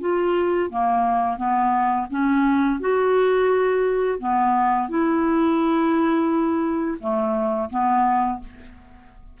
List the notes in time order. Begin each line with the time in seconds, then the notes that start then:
0.00 F4
0.69 A#3
1.37 B3
2.10 C#4
2.79 F#4
4.19 B3
4.88 E4
7.00 A3
7.70 B3